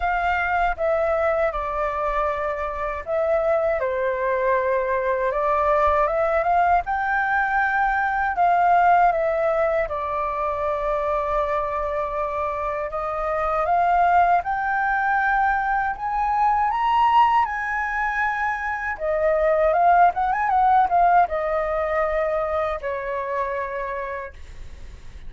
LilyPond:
\new Staff \with { instrumentName = "flute" } { \time 4/4 \tempo 4 = 79 f''4 e''4 d''2 | e''4 c''2 d''4 | e''8 f''8 g''2 f''4 | e''4 d''2.~ |
d''4 dis''4 f''4 g''4~ | g''4 gis''4 ais''4 gis''4~ | gis''4 dis''4 f''8 fis''16 gis''16 fis''8 f''8 | dis''2 cis''2 | }